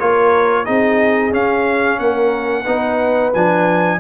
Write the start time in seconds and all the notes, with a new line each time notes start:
0.00 A#3 F4 A#4 C#5
0.66 C4 D#4 G#4 D#5
1.32 C#4 F5
2.00 A#3 A#4 F#5
2.65 B3 D#4 B4
3.34 F3 D4 G#5